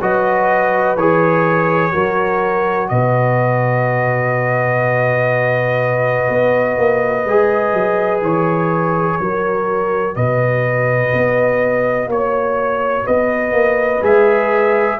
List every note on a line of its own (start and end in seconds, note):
0.00 0.97 F#3
0.00 0.98 F#4
0.00 1.93 B4
0.00 0.97 D#5
0.97 1.94 E3
0.97 1.92 G#4
0.97 2.89 C#5
1.92 2.91 F#3
1.92 7.24 F#4
1.92 2.90 A#4
2.89 6.29 B2
2.89 9.21 B4
2.89 8.21 D#5
6.29 6.77 B3
6.77 7.25 A#3
7.25 7.73 G#3
7.25 9.22 G#4
7.73 8.22 F#3
8.22 9.19 E3
8.22 10.16 C#5
9.20 10.16 F#3
9.20 14.02 F#4
9.20 10.16 A#4
10.16 11.13 B2
10.16 12.09 B4
10.16 12.09 D#5
11.13 12.07 B3
12.07 13.04 A#3
12.07 13.05 C#5
12.07 13.07 C#5
13.05 13.52 B3
13.05 14.99 B4
13.05 14.04 D#5
13.52 14.01 A#3
14.02 14.99 G#3
14.02 14.99 G#4
14.02 15.00 E5